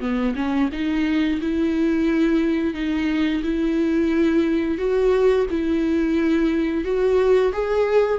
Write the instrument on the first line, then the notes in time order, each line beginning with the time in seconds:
viola
0.00 B3
0.35 C#4
0.72 D#4
1.41 E4
2.74 D#4
3.43 E4
4.78 F#4
5.50 E4
6.84 F#4
7.52 G#4